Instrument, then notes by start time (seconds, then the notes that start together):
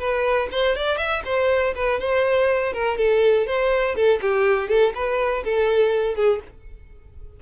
violin
0.00 B4
0.52 C5
0.76 D5
0.98 E5
1.25 C5
1.75 B4
2.00 C5
2.73 A#4
2.98 A4
3.47 C5
3.96 A4
4.22 G4
4.69 A4
4.95 B4
5.45 A4
6.16 G#4